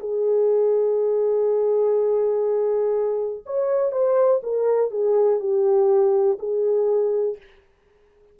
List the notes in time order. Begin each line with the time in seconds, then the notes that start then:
0.00 G#4
3.46 C#5
3.92 C5
4.44 A#4
4.91 G#4
5.40 G4
6.39 G#4